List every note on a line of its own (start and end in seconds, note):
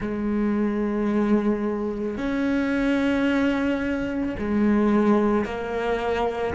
0.00 2.17 G#3
2.17 4.35 C#4
4.38 5.45 G#3
5.45 6.54 A#3